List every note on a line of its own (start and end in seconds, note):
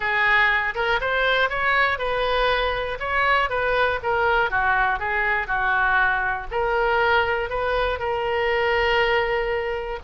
0.00 0.74 G#4
0.74 0.99 A#4
1.00 1.49 C5
1.49 1.98 C#5
1.98 2.98 B4
2.99 3.49 C#5
3.49 3.99 B4
4.02 4.50 A#4
4.50 4.99 F#4
4.99 5.47 G#4
5.47 6.47 F#4
6.51 7.49 A#4
7.49 7.99 B4
7.99 9.99 A#4